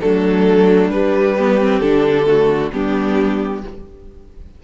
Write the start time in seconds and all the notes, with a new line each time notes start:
0.00 F#3 A3 D4 A4
0.89 G3 B4
1.37 B3 G4
1.60 C4
1.80 D3 D4 A4
2.26 A3 F#4
2.73 G3 B3 D4 G4